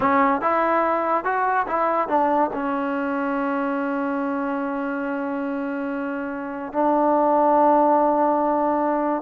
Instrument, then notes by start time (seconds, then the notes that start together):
trombone
0.00 C#4
0.41 E4
1.24 F#4
1.67 E4
2.08 D4
2.53 C#4
6.72 D4